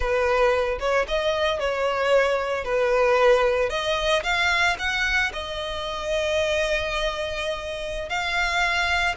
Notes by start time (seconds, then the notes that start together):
0.00 B4
0.79 C#5
1.07 D#5
1.59 C#5
2.64 B4
3.69 D#5
4.23 F5
4.79 F#5
5.32 D#5
8.09 F5